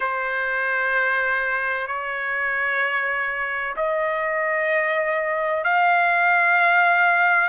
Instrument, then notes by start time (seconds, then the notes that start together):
trumpet
0.00 C5
1.87 C#5
3.76 D#5
5.63 F5